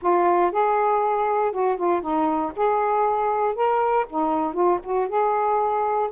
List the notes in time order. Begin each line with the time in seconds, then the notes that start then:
0.02 F4
0.51 G#4
1.52 F#4
1.77 F4
2.01 D#4
2.56 G#4
3.55 A#4
4.09 D#4
4.53 F4
4.83 F#4
5.08 G#4